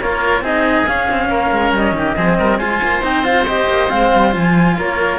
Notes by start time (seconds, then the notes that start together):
0.00 A#3 F4 A#4 C#5
0.40 C4 D#4 G#4 D#5
0.86 C#4 F5
1.09 C4
1.29 A#3 A#4
1.51 G#3
1.72 G3 D#5
1.92 D#3 G4
2.15 F3 C4 G#4
2.39 G3 A#4
2.58 G#3 F4 C5 G#5
2.83 A#3
3.02 C4 D#4 G5
3.23 F4 F5
3.47 G4 D#5
3.68 A#3
3.89 G#3 C4 F5
4.13 G3
4.32 F3 F4 G#5
4.77 A#3 A#4 C#5